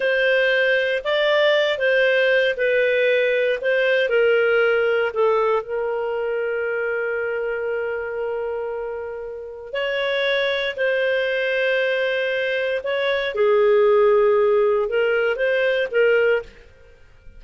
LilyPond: \new Staff \with { instrumentName = "clarinet" } { \time 4/4 \tempo 4 = 117 c''2 d''4. c''8~ | c''4 b'2 c''4 | ais'2 a'4 ais'4~ | ais'1~ |
ais'2. cis''4~ | cis''4 c''2.~ | c''4 cis''4 gis'2~ | gis'4 ais'4 c''4 ais'4 | }